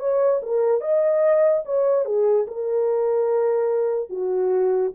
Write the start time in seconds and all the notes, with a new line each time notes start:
0.00 C#5
0.43 A#4
0.81 D#5
1.66 C#5
2.05 G#4
2.47 A#4
4.10 F#4